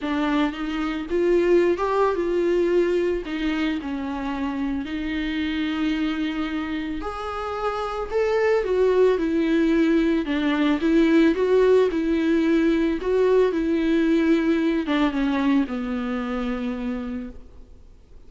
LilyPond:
\new Staff \with { instrumentName = "viola" } { \time 4/4 \tempo 4 = 111 d'4 dis'4 f'4~ f'16 g'8. | f'2 dis'4 cis'4~ | cis'4 dis'2.~ | dis'4 gis'2 a'4 |
fis'4 e'2 d'4 | e'4 fis'4 e'2 | fis'4 e'2~ e'8 d'8 | cis'4 b2. | }